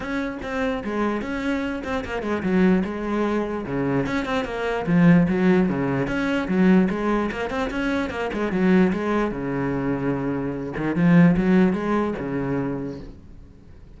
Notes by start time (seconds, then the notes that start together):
0.00 C#4
0.42 C4
0.84 G#3
1.21 C#4
1.84 C4
2.04 A#3
2.22 G#3
2.42 F#3
2.84 G#3
3.66 C#3
4.06 C#4
4.25 C4
4.45 A#3
4.86 F3
5.28 F#3
5.68 C#3
6.07 C#4
6.48 F#3
6.90 G#3
7.31 A#3
7.49 C4
7.70 C#4
8.10 A#3
8.33 G#3
8.51 F#3
8.92 G#3
9.31 C#3
10.77 D#3
10.95 F3
11.37 F#3
11.73 G#3
12.18 C#3